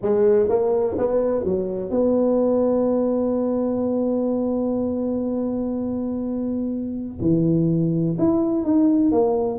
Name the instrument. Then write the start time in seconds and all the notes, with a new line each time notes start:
tuba
0.02 G#3
0.48 A#3
0.98 B3
1.44 F#3
1.90 B3
7.21 E3
8.18 E4
8.64 D#4
9.11 A#3